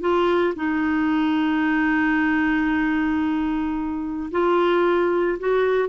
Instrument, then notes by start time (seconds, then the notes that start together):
clarinet
0.00 F4
0.55 D#4
4.31 F4
5.39 F#4